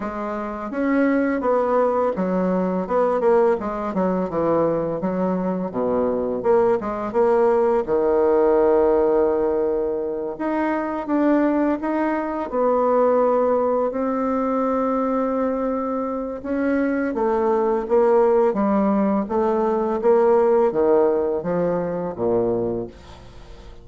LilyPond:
\new Staff \with { instrumentName = "bassoon" } { \time 4/4 \tempo 4 = 84 gis4 cis'4 b4 fis4 | b8 ais8 gis8 fis8 e4 fis4 | b,4 ais8 gis8 ais4 dis4~ | dis2~ dis8 dis'4 d'8~ |
d'8 dis'4 b2 c'8~ | c'2. cis'4 | a4 ais4 g4 a4 | ais4 dis4 f4 ais,4 | }